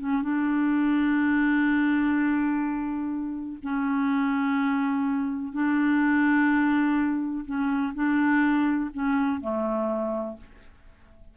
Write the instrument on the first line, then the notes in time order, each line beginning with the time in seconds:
clarinet
0.00 C#4
0.23 D4
3.63 C#4
5.53 D4
7.46 C#4
7.95 D4
8.94 C#4
9.41 A3